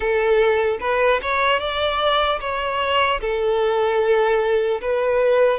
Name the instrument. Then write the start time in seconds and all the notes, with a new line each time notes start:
violin
0.00 A4
0.80 B4
1.21 C#5
1.59 D5
2.40 C#5
3.20 A4
4.81 B4